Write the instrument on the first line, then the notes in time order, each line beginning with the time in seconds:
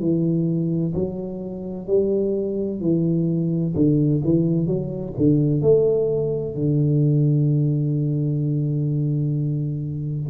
tuba
0.00 E3
0.95 F#3
1.87 G3
2.81 E3
3.75 D3
4.24 E3
4.67 F#3
5.18 D3
5.62 A3
6.55 D3